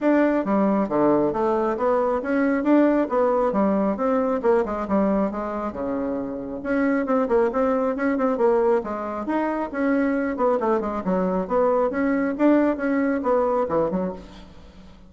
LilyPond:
\new Staff \with { instrumentName = "bassoon" } { \time 4/4 \tempo 4 = 136 d'4 g4 d4 a4 | b4 cis'4 d'4 b4 | g4 c'4 ais8 gis8 g4 | gis4 cis2 cis'4 |
c'8 ais8 c'4 cis'8 c'8 ais4 | gis4 dis'4 cis'4. b8 | a8 gis8 fis4 b4 cis'4 | d'4 cis'4 b4 e8 fis8 | }